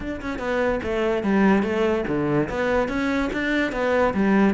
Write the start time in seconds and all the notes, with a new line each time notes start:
0.00 D4
0.21 C#4
0.38 B3
0.83 A3
1.23 G3
1.63 A3
2.07 D3
2.49 B3
2.88 C#4
3.32 D4
3.72 B3
4.14 G3